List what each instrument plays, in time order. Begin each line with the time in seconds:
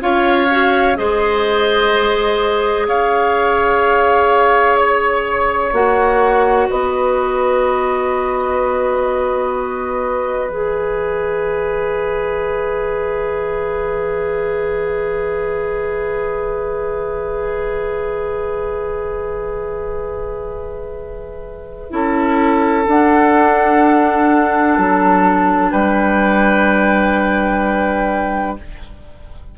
0.00 bassoon C#4, clarinet F4, oboe C#5, flute F5
0.50 clarinet F#4
0.95 bassoon G#3, clarinet G#4, oboe C5, flute D#5
2.87 bassoon C#4, oboe C#5, flute F5
4.77 flute C#5
5.72 bassoon A#3, clarinet F#4, flute F#5
6.69 bassoon B3, oboe B4, flute D#5
10.49 bassoon E3, clarinet G#4, flute E5
21.90 bassoon C#4, clarinet E4, oboe A4
22.86 clarinet D4, bassoon D4, flute F#5
24.78 bassoon F#3, flute A5
25.71 bassoon G3, oboe B4, flute G5